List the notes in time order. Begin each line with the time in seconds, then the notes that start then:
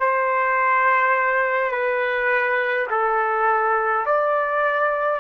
0.00 C5
1.72 B4
2.90 A4
4.06 D5